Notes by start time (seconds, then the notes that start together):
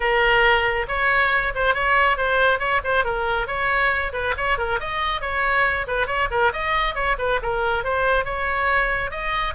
0.00 A#4
0.88 C#5
1.54 C5
1.74 C#5
2.17 C5
2.59 C#5
2.84 C5
3.04 A#4
3.47 C#5
4.12 B4
4.37 C#5
4.58 A#4
4.80 D#5
5.21 C#5
5.87 B4
6.07 C#5
6.30 A#4
6.52 D#5
6.94 C#5
7.18 B4
7.42 A#4
7.83 C5
8.24 C#5
9.10 D#5